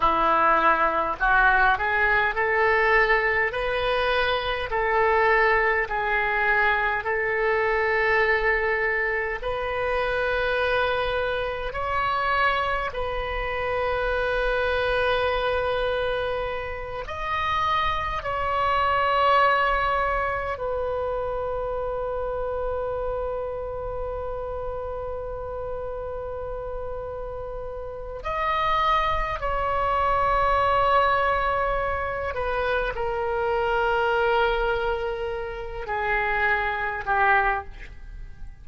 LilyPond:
\new Staff \with { instrumentName = "oboe" } { \time 4/4 \tempo 4 = 51 e'4 fis'8 gis'8 a'4 b'4 | a'4 gis'4 a'2 | b'2 cis''4 b'4~ | b'2~ b'8 dis''4 cis''8~ |
cis''4. b'2~ b'8~ | b'1 | dis''4 cis''2~ cis''8 b'8 | ais'2~ ais'8 gis'4 g'8 | }